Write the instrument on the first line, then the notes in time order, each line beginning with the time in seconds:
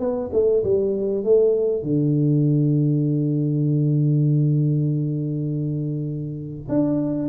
tuba
0.00 B3
0.33 A3
0.64 G3
1.25 A3
1.83 D3
6.69 D4